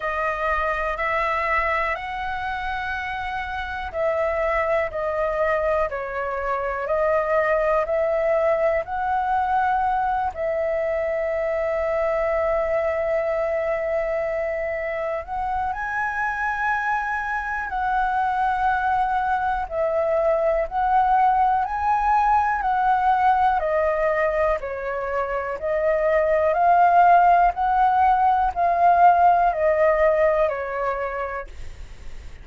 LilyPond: \new Staff \with { instrumentName = "flute" } { \time 4/4 \tempo 4 = 61 dis''4 e''4 fis''2 | e''4 dis''4 cis''4 dis''4 | e''4 fis''4. e''4.~ | e''2.~ e''8 fis''8 |
gis''2 fis''2 | e''4 fis''4 gis''4 fis''4 | dis''4 cis''4 dis''4 f''4 | fis''4 f''4 dis''4 cis''4 | }